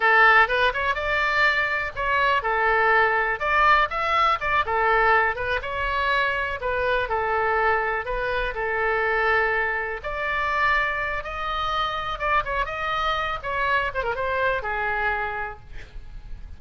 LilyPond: \new Staff \with { instrumentName = "oboe" } { \time 4/4 \tempo 4 = 123 a'4 b'8 cis''8 d''2 | cis''4 a'2 d''4 | e''4 d''8 a'4. b'8 cis''8~ | cis''4. b'4 a'4.~ |
a'8 b'4 a'2~ a'8~ | a'8 d''2~ d''8 dis''4~ | dis''4 d''8 cis''8 dis''4. cis''8~ | cis''8 c''16 ais'16 c''4 gis'2 | }